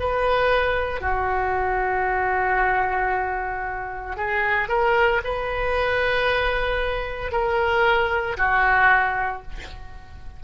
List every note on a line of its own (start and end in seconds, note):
0.00 1.01 B4
1.01 4.17 F#4
4.17 4.69 G#4
4.69 5.22 A#4
5.24 7.32 B4
7.32 8.37 A#4
8.38 9.43 F#4